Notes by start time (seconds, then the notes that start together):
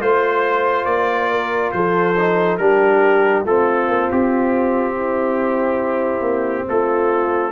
0.00 A3 F4 C5
0.85 A#3 D5
1.30 A#4
1.71 F3 A4 C5
2.17 D#4
2.57 G3 D4 G4 A#4
3.44 A3 C4 F4 A4
3.88 A#3
4.11 C4 G4
4.95 E4
6.21 A#3
6.68 A3 F4 A4